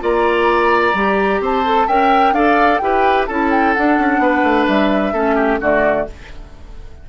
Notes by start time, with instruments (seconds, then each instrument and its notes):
0.00 bassoon A#3, clarinet F4, oboe D5, flute A#5
0.94 bassoon G3, clarinet G4
1.40 bassoon C4, oboe C5, flute A5
1.65 clarinet A4
1.87 bassoon C#4, clarinet A#4, oboe E5, flute G5
2.32 bassoon D4, clarinet A4, oboe D5, flute F5
2.78 bassoon E4, clarinet G4, oboe B4, flute G5
3.27 bassoon C#4, clarinet E4, oboe A4, flute A5
3.50 flute G5
3.74 clarinet D4, bassoon D4, flute F#5
3.98 bassoon C#4
4.18 bassoon B3, oboe B4
4.43 bassoon A3
4.67 bassoon G3, flute E5
5.13 bassoon A3, clarinet C#4, oboe A4
5.35 oboe G4
5.60 bassoon D3, clarinet A3, oboe F#4, flute D5